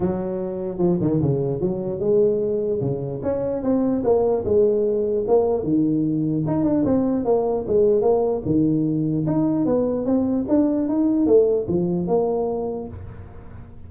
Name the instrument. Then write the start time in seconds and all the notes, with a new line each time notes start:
tuba
0.00 F#3
0.78 F3
1.00 D#3
1.21 C#3
1.61 F#3
1.99 G#3
2.80 C#3
3.23 C#4
3.62 C4
4.04 A#3
4.44 G#3
5.27 A#3
5.63 D#3
6.46 D#4
6.64 D4
6.85 C4
7.24 A#3
7.67 G#3
8.01 A#3
8.45 D#3
9.26 D#4
9.65 B3
10.05 C4
10.48 D4
10.88 D#4
11.26 A3
11.68 F3
12.07 A#3